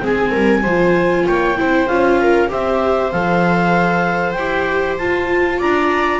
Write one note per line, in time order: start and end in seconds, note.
0.00 0.33 G#3
0.00 0.62 C4
0.00 0.31 G#4
0.00 1.27 G#5
0.31 0.65 G3
0.31 0.61 A#4
0.62 1.27 F3
0.62 1.24 C5
0.69 1.56 F4
1.27 1.60 A#3
1.27 1.58 C#5
1.27 1.87 G5
1.56 1.87 C4
1.56 1.87 E4
1.56 2.21 C5
1.87 2.49 C#4
1.87 2.48 F4
1.87 2.49 F5
2.21 2.51 A#4
2.48 3.13 C4
2.48 3.10 G4
2.48 5.58 C5
2.48 3.11 E5
3.11 4.36 F3
3.11 4.36 A4
3.11 4.32 F5
4.32 4.98 E4
4.32 4.94 G5
4.39 4.99 G4
4.98 5.60 F4
4.98 6.20 F4
4.98 5.60 A5
5.58 6.20 D4
5.58 6.20 D5
5.58 6.20 A#5